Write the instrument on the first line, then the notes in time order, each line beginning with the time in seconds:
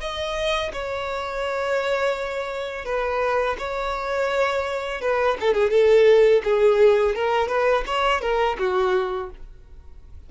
violin
0.00 D#5
0.73 C#5
2.85 B4
3.58 C#5
5.01 B4
5.40 A4
5.54 G#4
5.70 A4
6.44 G#4
7.15 A#4
7.48 B4
7.86 C#5
8.21 A#4
8.58 F#4